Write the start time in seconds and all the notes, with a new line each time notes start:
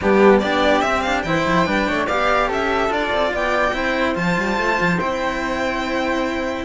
0.01 G3 B3 D4 G4
0.39 B3 D4 G4 D5
0.81 C4 E5
1.00 D4 F5
1.22 E3 E4 C5 G5
1.45 F3
1.66 G3 D4 B4
1.88 A3 C#5
2.07 B3 G4 D5 F5
2.48 C#4 A4 E5
2.88 D4 F4 D5
3.12 C4
3.33 B3 D5 G5
3.73 C4 E4 C5
4.14 F3 F4 A5
4.37 G3
4.58 A3
4.80 F3
4.99 C4 E4 G5